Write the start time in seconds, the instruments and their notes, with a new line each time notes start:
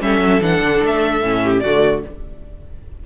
0.00 cello G3, viola C#4, violin A4 E5
0.20 cello F#3
0.41 cello E3, viola D4, violin F#5
0.62 cello D3
0.83 cello A3, violin E5
1.22 cello A2, viola C#4
1.44 violin G4
1.60 cello D3, viola A3, violin F#4 D5